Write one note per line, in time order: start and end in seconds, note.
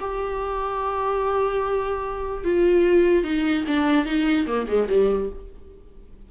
0.00 2.44 G4
2.44 3.24 F4
3.24 3.65 D#4
3.67 4.05 D4
4.05 4.46 D#4
4.47 4.67 A#3
4.68 4.88 G#3
4.88 5.29 G3